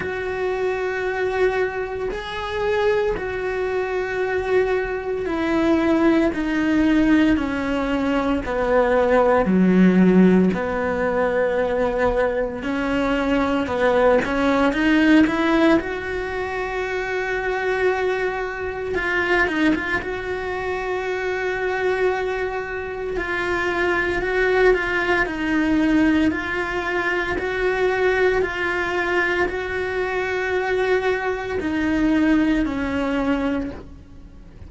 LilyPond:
\new Staff \with { instrumentName = "cello" } { \time 4/4 \tempo 4 = 57 fis'2 gis'4 fis'4~ | fis'4 e'4 dis'4 cis'4 | b4 fis4 b2 | cis'4 b8 cis'8 dis'8 e'8 fis'4~ |
fis'2 f'8 dis'16 f'16 fis'4~ | fis'2 f'4 fis'8 f'8 | dis'4 f'4 fis'4 f'4 | fis'2 dis'4 cis'4 | }